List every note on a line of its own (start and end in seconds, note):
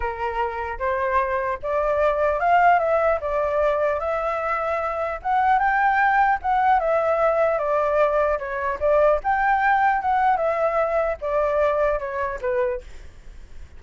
0.00 0.78 A#4
0.78 1.58 C5
1.62 2.39 D5
2.39 2.79 F5
2.79 3.19 E5
3.20 3.99 D5
3.99 5.19 E5
5.22 5.59 F#5
5.59 6.39 G5
6.42 6.79 F#5
6.79 7.58 E5
7.58 8.38 D5
8.38 8.78 C#5
8.80 9.20 D5
9.23 10.01 G5
10.01 10.37 F#5
10.37 11.17 E5
11.21 11.99 D5
11.99 12.39 C#5
12.41 12.81 B4